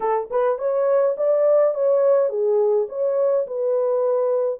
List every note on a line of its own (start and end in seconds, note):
0.00 0.29 A4
0.30 0.58 B4
0.58 1.16 C#5
1.17 1.74 D5
1.74 2.29 C#5
2.29 2.87 G#4
2.88 3.46 C#5
3.46 4.59 B4